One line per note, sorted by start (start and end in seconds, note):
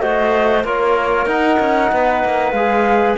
0.00 0.64 A3
0.00 0.64 F#4
0.00 0.65 C5
0.00 0.63 D#5
0.64 1.26 A#3
0.64 1.28 F4
0.64 1.91 A#4
0.64 1.27 C#5
1.26 1.57 D#4
1.26 2.54 D#4
1.26 2.52 F#5
1.59 1.91 C#4
1.92 2.24 B3
1.92 3.18 B4
2.25 2.52 A#3
2.52 3.15 G#3
2.52 3.18 G#4
2.52 3.15 F5